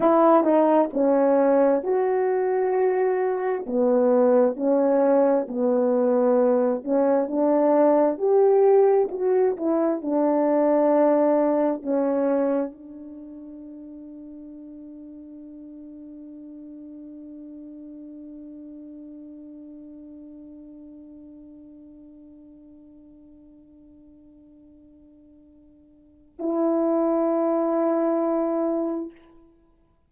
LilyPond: \new Staff \with { instrumentName = "horn" } { \time 4/4 \tempo 4 = 66 e'8 dis'8 cis'4 fis'2 | b4 cis'4 b4. cis'8 | d'4 g'4 fis'8 e'8 d'4~ | d'4 cis'4 d'2~ |
d'1~ | d'1~ | d'1~ | d'4 e'2. | }